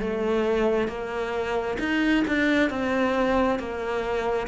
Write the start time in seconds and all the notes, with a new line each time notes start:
0.00 A3
0.88 A#3
1.79 D#4
2.28 D4
2.70 C4
3.59 A#3